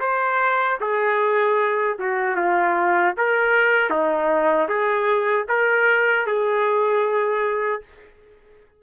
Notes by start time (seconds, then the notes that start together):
0.00 C5
0.81 G#4
1.99 F#4
2.36 F4
3.17 A#4
3.90 D#4
4.69 G#4
5.49 A#4
6.27 G#4